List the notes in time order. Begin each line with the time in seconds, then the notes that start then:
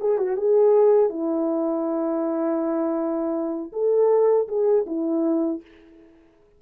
0.00 G#4
0.18 F#4
0.37 G#4
1.10 E4
3.73 A4
4.48 G#4
4.86 E4